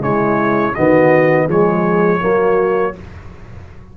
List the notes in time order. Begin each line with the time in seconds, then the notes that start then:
0.00 C#3 G#3 E4 C#5
0.75 D#3 B3 F#4 D#5
1.46 F3 G#3 G#4 C#5
2.20 F#3 A#3 F#4